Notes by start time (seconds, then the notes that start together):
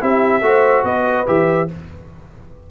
0.00 C4 E4 G4 E5
0.42 A3 F#4 C5
0.84 B3 B4 D#5
1.27 E3 G4 E5